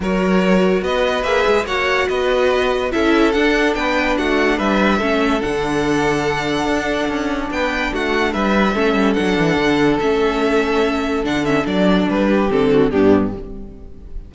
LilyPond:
<<
  \new Staff \with { instrumentName = "violin" } { \time 4/4 \tempo 4 = 144 cis''2 dis''4 e''4 | fis''4 dis''2 e''4 | fis''4 g''4 fis''4 e''4~ | e''4 fis''2.~ |
fis''2 g''4 fis''4 | e''2 fis''2 | e''2. fis''8 e''8 | d''4 b'4 a'4 g'4 | }
  \new Staff \with { instrumentName = "violin" } { \time 4/4 ais'2 b'2 | cis''4 b'2 a'4~ | a'4 b'4 fis'4 b'4 | a'1~ |
a'2 b'4 fis'4 | b'4 a'2.~ | a'1~ | a'4. g'4 fis'8 d'4 | }
  \new Staff \with { instrumentName = "viola" } { \time 4/4 fis'2. gis'4 | fis'2. e'4 | d'1 | cis'4 d'2.~ |
d'1~ | d'4 cis'4 d'2 | cis'2. d'8 cis'8 | d'2 c'4 b4 | }
  \new Staff \with { instrumentName = "cello" } { \time 4/4 fis2 b4 ais8 gis8 | ais4 b2 cis'4 | d'4 b4 a4 g4 | a4 d2. |
d'4 cis'4 b4 a4 | g4 a8 g8 fis8 e8 d4 | a2. d4 | fis4 g4 d4 g,4 | }
>>